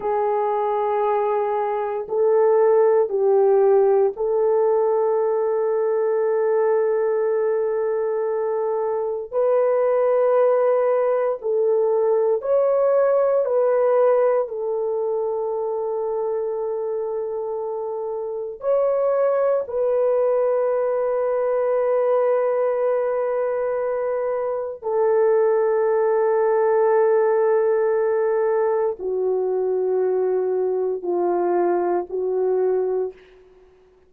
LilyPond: \new Staff \with { instrumentName = "horn" } { \time 4/4 \tempo 4 = 58 gis'2 a'4 g'4 | a'1~ | a'4 b'2 a'4 | cis''4 b'4 a'2~ |
a'2 cis''4 b'4~ | b'1 | a'1 | fis'2 f'4 fis'4 | }